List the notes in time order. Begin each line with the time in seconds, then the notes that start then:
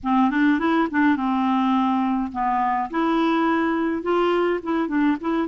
0.03 C4
0.30 D4
0.59 E4
0.90 D4
1.16 C4
2.32 B3
2.90 E4
4.02 F4
4.62 E4
4.87 D4
5.20 E4